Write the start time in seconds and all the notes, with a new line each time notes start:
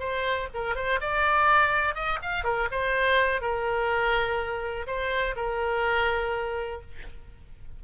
0.00 C5
0.54 A#4
0.76 C5
1.01 D5
1.95 D#5
2.22 F5
2.44 A#4
2.72 C5
3.42 A#4
4.87 C5
5.36 A#4